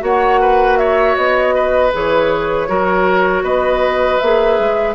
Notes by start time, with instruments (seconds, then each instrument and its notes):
0.00 bassoon A#3, clarinet F#4, oboe C#5, flute F#5
0.41 oboe B4
0.78 oboe C#5, flute E5
1.16 bassoon B3, flute D#5
1.55 oboe B4
1.93 bassoon E3, clarinet G#4, flute C#5
2.68 bassoon F#3, clarinet F#4, oboe A#4
3.43 bassoon B3, oboe B4, flute D#5
4.19 bassoon A#3, clarinet G#4, flute E5
4.59 bassoon G#3